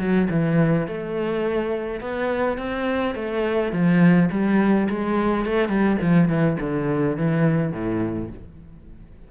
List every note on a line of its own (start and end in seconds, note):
0.00 0.29 F#3
0.30 0.88 E3
0.88 2.01 A3
2.01 2.58 B3
2.58 3.15 C4
3.16 3.72 A3
3.72 4.30 F3
4.32 4.89 G3
4.90 5.46 G#3
5.46 5.69 A3
5.69 5.98 G3
6.02 6.29 F3
6.29 6.57 E3
6.61 7.17 D3
7.17 7.73 E3
7.73 8.30 A2